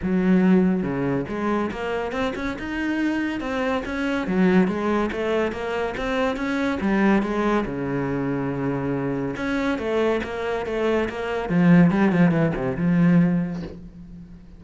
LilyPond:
\new Staff \with { instrumentName = "cello" } { \time 4/4 \tempo 4 = 141 fis2 cis4 gis4 | ais4 c'8 cis'8 dis'2 | c'4 cis'4 fis4 gis4 | a4 ais4 c'4 cis'4 |
g4 gis4 cis2~ | cis2 cis'4 a4 | ais4 a4 ais4 f4 | g8 f8 e8 c8 f2 | }